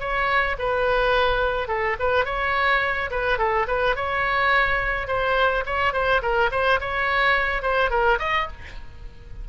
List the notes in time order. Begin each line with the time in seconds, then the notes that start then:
0.00 C#5
0.59 B4
1.68 A4
2.00 B4
2.25 C#5
3.11 B4
3.38 A4
3.68 B4
3.96 C#5
5.08 C5
5.66 C#5
5.93 C5
6.22 A#4
6.52 C5
6.81 C#5
7.63 C5
7.91 A#4
8.19 D#5